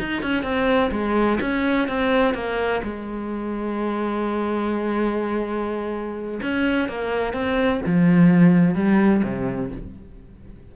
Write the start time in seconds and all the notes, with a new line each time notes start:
0.00 D#4
0.23 C#4
0.43 C4
0.92 G#3
1.41 C#4
1.89 C4
2.34 A#3
2.84 G#3
6.43 C#4
6.89 A#3
7.34 C4
7.86 F3
8.75 G3
9.24 C3